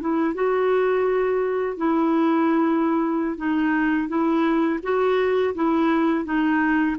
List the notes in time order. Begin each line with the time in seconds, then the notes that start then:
0.00 E4
0.34 F#4
1.77 E4
3.37 D#4
4.08 E4
4.82 F#4
5.54 E4
6.24 D#4